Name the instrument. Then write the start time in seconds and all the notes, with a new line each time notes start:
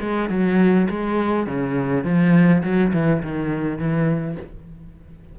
cello
0.00 G#3
0.29 F#3
0.89 G#3
1.46 C#3
2.04 F3
2.63 F#3
2.93 E3
3.23 D#3
3.78 E3